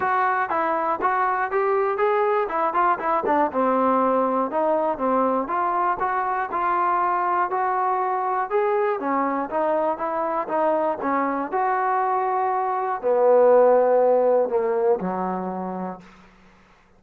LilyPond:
\new Staff \with { instrumentName = "trombone" } { \time 4/4 \tempo 4 = 120 fis'4 e'4 fis'4 g'4 | gis'4 e'8 f'8 e'8 d'8 c'4~ | c'4 dis'4 c'4 f'4 | fis'4 f'2 fis'4~ |
fis'4 gis'4 cis'4 dis'4 | e'4 dis'4 cis'4 fis'4~ | fis'2 b2~ | b4 ais4 fis2 | }